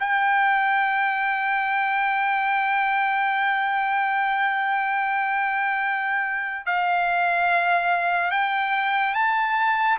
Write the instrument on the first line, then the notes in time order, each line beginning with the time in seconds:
trumpet
0.00 G5
6.66 F5
8.31 G5
9.14 A5